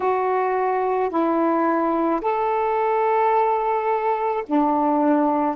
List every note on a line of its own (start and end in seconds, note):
0.00 1.09 F#4
1.09 2.20 E4
2.21 4.43 A4
4.46 5.56 D4